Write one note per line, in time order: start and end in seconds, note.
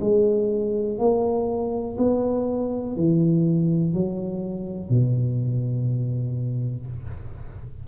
0.00 0.98 G#3
0.98 1.96 A#3
1.97 2.96 B3
2.96 3.93 E3
3.93 4.90 F#3
4.90 6.86 B2